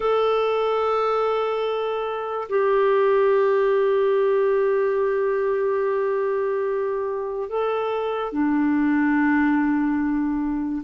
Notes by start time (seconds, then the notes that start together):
0.00 A4
2.49 G4
7.49 A4
8.32 D4